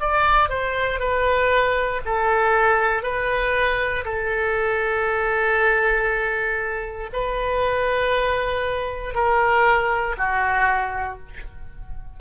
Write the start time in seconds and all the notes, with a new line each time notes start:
0.00 D5
0.49 C5
0.99 B4
2.05 A4
3.03 B4
4.05 A4
7.13 B4
9.14 A#4
10.17 F#4